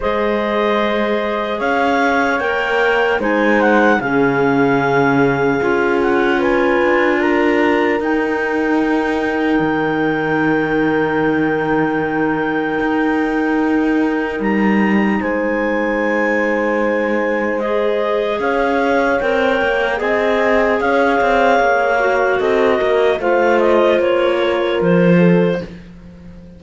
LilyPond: <<
  \new Staff \with { instrumentName = "clarinet" } { \time 4/4 \tempo 4 = 75 dis''2 f''4 g''4 | gis''8 fis''8 f''2~ f''8 fis''8 | gis''4 ais''4 g''2~ | g''1~ |
g''2 ais''4 gis''4~ | gis''2 dis''4 f''4 | g''4 gis''4 f''2 | dis''4 f''8 dis''8 cis''4 c''4 | }
  \new Staff \with { instrumentName = "horn" } { \time 4/4 c''2 cis''2 | c''4 gis'2. | b'4 ais'2.~ | ais'1~ |
ais'2. c''4~ | c''2. cis''4~ | cis''4 dis''4 cis''2 | a'8 ais'8 c''4. ais'4 a'8 | }
  \new Staff \with { instrumentName = "clarinet" } { \time 4/4 gis'2. ais'4 | dis'4 cis'2 f'4~ | f'2 dis'2~ | dis'1~ |
dis'1~ | dis'2 gis'2 | ais'4 gis'2~ gis'8 fis'8~ | fis'4 f'2. | }
  \new Staff \with { instrumentName = "cello" } { \time 4/4 gis2 cis'4 ais4 | gis4 cis2 cis'4~ | cis'8 d'4. dis'2 | dis1 |
dis'2 g4 gis4~ | gis2. cis'4 | c'8 ais8 c'4 cis'8 c'8 ais4 | c'8 ais8 a4 ais4 f4 | }
>>